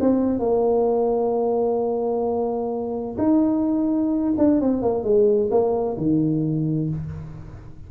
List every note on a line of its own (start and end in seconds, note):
0.00 0.39 C4
0.39 3.16 A#3
3.18 4.33 D#4
4.37 4.60 D4
4.60 4.82 C4
4.82 5.03 A#3
5.03 5.49 G#3
5.50 5.96 A#3
5.97 6.89 D#3